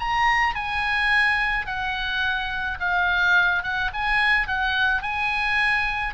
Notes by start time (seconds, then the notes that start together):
0.00 A#5
0.55 G#5
1.66 F#5
2.80 F5
3.63 F#5
3.94 G#5
4.48 F#5
5.02 G#5